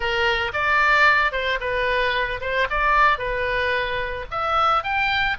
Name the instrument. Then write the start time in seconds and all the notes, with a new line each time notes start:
oboe
0.00 A#4
0.53 D5
1.31 C5
1.60 B4
2.40 C5
2.69 D5
3.18 B4
4.30 E5
4.83 G5